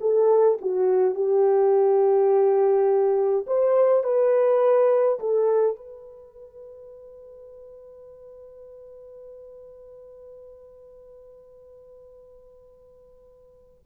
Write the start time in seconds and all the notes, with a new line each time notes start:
0.00 A4
0.61 F#4
1.14 G4
3.46 C5
4.03 B4
5.19 A4
5.76 B4